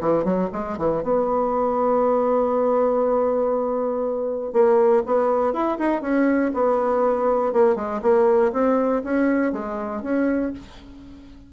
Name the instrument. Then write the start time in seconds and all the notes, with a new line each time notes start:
bassoon
0.00 E3
0.24 F#3
0.52 G#3
0.77 E3
1.02 B3
4.52 A#3
5.06 B3
5.53 E4
5.78 D#4
6.02 C#4
6.54 B3
7.52 A#3
7.75 G#3
8.02 A#3
8.52 C4
9.04 C#4
9.52 G#3
10.02 C#4